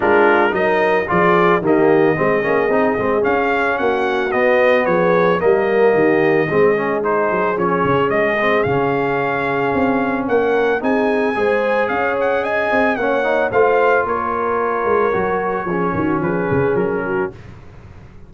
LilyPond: <<
  \new Staff \with { instrumentName = "trumpet" } { \time 4/4 \tempo 4 = 111 ais'4 dis''4 d''4 dis''4~ | dis''2 f''4 fis''4 | dis''4 cis''4 dis''2~ | dis''4 c''4 cis''4 dis''4 |
f''2. fis''4 | gis''2 f''8 fis''8 gis''4 | fis''4 f''4 cis''2~ | cis''2 b'4 ais'4 | }
  \new Staff \with { instrumentName = "horn" } { \time 4/4 f'4 ais'4 gis'4 g'4 | gis'2. fis'4~ | fis'4 gis'4 ais'4 g'4 | gis'1~ |
gis'2. ais'4 | gis'4 c''4 cis''4 dis''4 | cis''4 c''4 ais'2~ | ais'4 gis'8 fis'8 gis'4. fis'8 | }
  \new Staff \with { instrumentName = "trombone" } { \time 4/4 d'4 dis'4 f'4 ais4 | c'8 cis'8 dis'8 c'8 cis'2 | b2 ais2 | c'8 cis'8 dis'4 cis'4. c'8 |
cis'1 | dis'4 gis'2. | cis'8 dis'8 f'2. | fis'4 cis'2. | }
  \new Staff \with { instrumentName = "tuba" } { \time 4/4 gis4 fis4 f4 dis4 | gis8 ais8 c'8 gis8 cis'4 ais4 | b4 f4 g4 dis4 | gis4. fis8 f8 cis8 gis4 |
cis2 c'4 ais4 | c'4 gis4 cis'4. c'8 | ais4 a4 ais4. gis8 | fis4 f8 dis8 f8 cis8 fis4 | }
>>